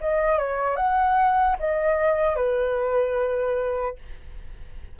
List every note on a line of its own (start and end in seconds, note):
0.00 0.38 D#5
0.38 0.76 C#5
0.76 1.56 F#5
1.59 2.35 D#5
2.35 3.95 B4